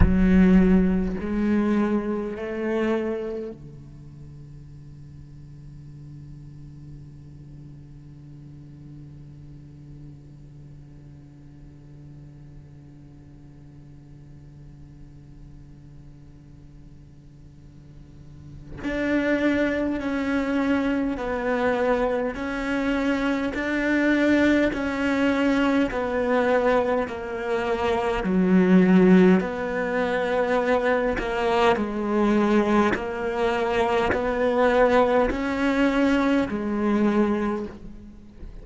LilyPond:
\new Staff \with { instrumentName = "cello" } { \time 4/4 \tempo 4 = 51 fis4 gis4 a4 d4~ | d1~ | d1~ | d1 |
d'4 cis'4 b4 cis'4 | d'4 cis'4 b4 ais4 | fis4 b4. ais8 gis4 | ais4 b4 cis'4 gis4 | }